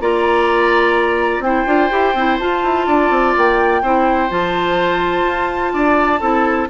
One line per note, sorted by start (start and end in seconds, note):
0.00 1.39 A#3
0.00 1.43 F4
0.00 1.44 D5
0.00 1.42 A#5
1.39 1.63 C4
1.39 1.66 E4
1.39 2.86 C5
1.39 2.37 G5
1.66 1.90 D4
1.66 1.89 F4
1.90 2.14 E4
1.90 2.14 G4
2.14 2.38 C4
2.14 2.39 E4
2.39 3.82 F4
2.39 2.63 F4
2.39 3.34 A5
2.63 2.87 E4
2.86 3.10 D4
2.86 3.82 D5
3.10 3.34 C4
3.37 3.82 A#3
3.37 4.30 G5
3.82 4.30 C4
3.82 4.29 E4
3.82 5.72 C5
4.29 5.24 F3
4.29 6.20 F4
4.29 6.68 A5
5.24 5.71 F4
5.73 6.20 D4
5.73 6.20 D5
6.20 6.68 C4
6.20 6.68 E4
6.20 6.67 A4